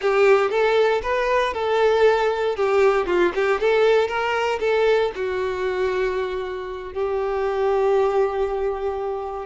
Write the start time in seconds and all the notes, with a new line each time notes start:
0.01 G4
0.50 A4
1.02 B4
1.53 A4
2.56 G4
3.06 F4
3.34 G4
3.60 A4
4.07 A#4
4.60 A4
5.15 F#4
6.93 G4